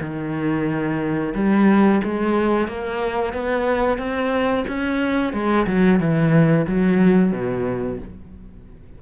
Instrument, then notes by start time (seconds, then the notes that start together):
cello
0.00 D#3
1.34 G3
2.03 G#3
2.67 A#3
3.33 B3
3.98 C4
4.67 C#4
5.32 G#3
5.66 F#3
5.99 E3
6.67 F#3
7.32 B2